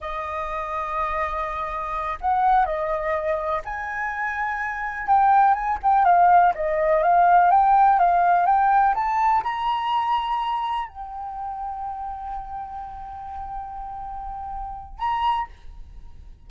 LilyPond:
\new Staff \with { instrumentName = "flute" } { \time 4/4 \tempo 4 = 124 dis''1~ | dis''8 fis''4 dis''2 gis''8~ | gis''2~ gis''8 g''4 gis''8 | g''8 f''4 dis''4 f''4 g''8~ |
g''8 f''4 g''4 a''4 ais''8~ | ais''2~ ais''8 g''4.~ | g''1~ | g''2. ais''4 | }